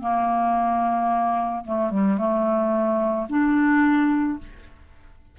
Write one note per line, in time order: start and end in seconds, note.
0.00 1.64 A#3
1.64 1.90 A3
1.90 2.17 G3
2.17 3.26 A3
3.29 4.38 D4